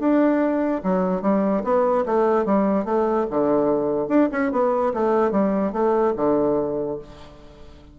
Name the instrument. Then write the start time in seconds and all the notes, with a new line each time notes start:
bassoon
0.00 D4
0.84 F#3
1.23 G3
1.64 B3
2.06 A3
2.46 G3
2.85 A3
3.31 D3
4.09 D4
4.32 C#4
4.52 B3
4.94 A3
5.32 G3
5.73 A3
6.17 D3